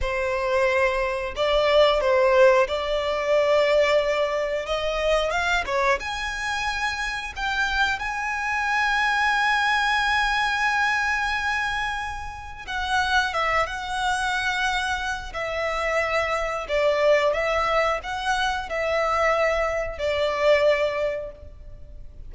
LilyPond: \new Staff \with { instrumentName = "violin" } { \time 4/4 \tempo 4 = 90 c''2 d''4 c''4 | d''2. dis''4 | f''8 cis''8 gis''2 g''4 | gis''1~ |
gis''2. fis''4 | e''8 fis''2~ fis''8 e''4~ | e''4 d''4 e''4 fis''4 | e''2 d''2 | }